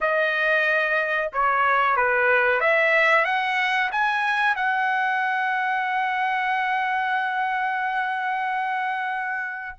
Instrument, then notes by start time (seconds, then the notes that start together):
trumpet
0.00 D#5
1.32 C#5
1.96 B4
2.60 E5
3.25 F#5
3.91 G#5
4.55 F#5